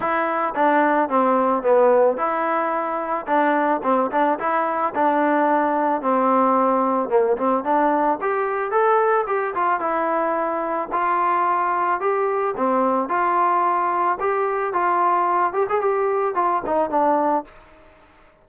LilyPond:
\new Staff \with { instrumentName = "trombone" } { \time 4/4 \tempo 4 = 110 e'4 d'4 c'4 b4 | e'2 d'4 c'8 d'8 | e'4 d'2 c'4~ | c'4 ais8 c'8 d'4 g'4 |
a'4 g'8 f'8 e'2 | f'2 g'4 c'4 | f'2 g'4 f'4~ | f'8 g'16 gis'16 g'4 f'8 dis'8 d'4 | }